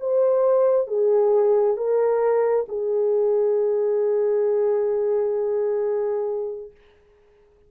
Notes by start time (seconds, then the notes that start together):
0.00 C5
0.87 G#4
1.77 A#4
2.68 G#4